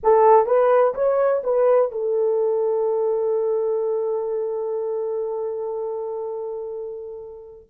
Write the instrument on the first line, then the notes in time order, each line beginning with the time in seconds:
horn
0.03 A4
0.46 B4
0.94 C#5
1.43 B4
1.91 A4